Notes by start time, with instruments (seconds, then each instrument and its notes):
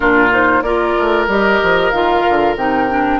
0.00 bassoon A#2, clarinet D4, oboe F4, flute A#4
0.30 clarinet D#4, flute C5
0.61 bassoon A#3, clarinet F4, oboe A#4, flute D5
0.98 bassoon A3
1.27 bassoon G3, clarinet G4, flute D#5
1.62 bassoon F3
1.90 bassoon D#3, clarinet F4, flute F5
2.28 bassoon D3
2.55 bassoon C3, clarinet D#4, flute G5
2.89 clarinet D4